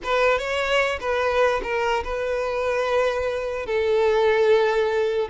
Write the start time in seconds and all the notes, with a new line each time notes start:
0.03 B4
0.38 C#5
1.00 B4
1.63 A#4
2.04 B4
3.66 A4